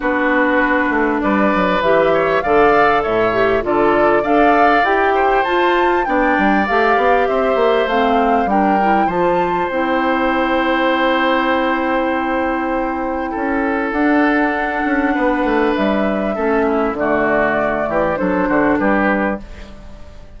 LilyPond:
<<
  \new Staff \with { instrumentName = "flute" } { \time 4/4 \tempo 4 = 99 b'2 d''4 e''4 | f''4 e''4 d''4 f''4 | g''4 a''4 g''4 f''4 | e''4 f''4 g''4 a''4 |
g''1~ | g''2. fis''4~ | fis''2 e''2 | d''2 c''4 b'4 | }
  \new Staff \with { instrumentName = "oboe" } { \time 4/4 fis'2 b'4. cis''8 | d''4 cis''4 a'4 d''4~ | d''8 c''4. d''2 | c''2 ais'4 c''4~ |
c''1~ | c''2 a'2~ | a'4 b'2 a'8 e'8 | fis'4. g'8 a'8 fis'8 g'4 | }
  \new Staff \with { instrumentName = "clarinet" } { \time 4/4 d'2. g'4 | a'4. g'8 f'4 a'4 | g'4 f'4 d'4 g'4~ | g'4 c'4 d'8 e'8 f'4 |
e'1~ | e'2. d'4~ | d'2. cis'4 | a2 d'2 | }
  \new Staff \with { instrumentName = "bassoon" } { \time 4/4 b4. a8 g8 fis8 e4 | d4 a,4 d4 d'4 | e'4 f'4 b8 g8 a8 b8 | c'8 ais8 a4 g4 f4 |
c'1~ | c'2 cis'4 d'4~ | d'8 cis'8 b8 a8 g4 a4 | d4. e8 fis8 d8 g4 | }
>>